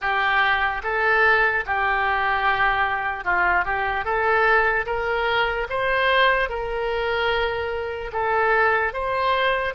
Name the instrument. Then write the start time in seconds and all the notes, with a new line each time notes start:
oboe
0.01 G4
0.83 A4
1.65 G4
3.24 F4
3.64 G4
4.04 A4
4.86 A#4
5.69 C5
6.49 A#4
8.12 A4
8.93 C5